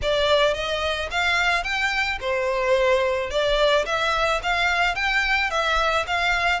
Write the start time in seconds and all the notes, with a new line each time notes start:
0.02 D5
0.54 D#5
1.10 F5
1.63 G5
2.20 C5
3.30 D5
3.85 E5
4.42 F5
4.95 G5
5.50 E5
6.06 F5